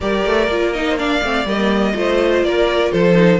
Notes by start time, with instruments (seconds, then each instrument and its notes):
0.00 cello G3, viola G4, violin A#4 D5
0.25 cello A3
0.47 cello A#3, viola F4
0.72 viola D#4, violin D#5
0.89 violin C5
0.97 viola D4, violin D5 F5
1.22 cello A3, viola C4
1.45 cello G3, viola A#3, violin D#5
1.94 cello A3, viola F4, violin C5
2.42 cello A#3, violin A#4 D5
2.91 cello F3, violin A4 C5
3.14 viola D#4